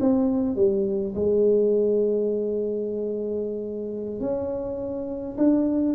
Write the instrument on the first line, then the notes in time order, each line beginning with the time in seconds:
tuba
0.00 C4
0.56 G3
1.15 G#3
4.20 C#4
5.37 D4